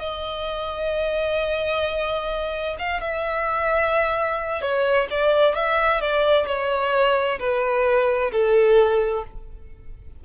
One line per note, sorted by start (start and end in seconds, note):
0.00 2.77 D#5
2.79 3.02 F5
3.02 4.62 E5
4.62 5.08 C#5
5.11 5.55 D5
5.55 6.01 E5
6.01 6.47 D5
6.47 7.39 C#5
7.40 8.32 B4
8.32 9.24 A4